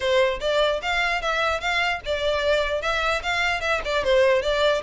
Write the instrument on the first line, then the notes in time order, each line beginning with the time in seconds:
violin
0.00 C5
0.40 D5
0.82 F5
1.21 E5
1.60 F5
2.05 D5
2.81 E5
3.23 F5
3.61 E5
3.85 D5
4.03 C5
4.41 D5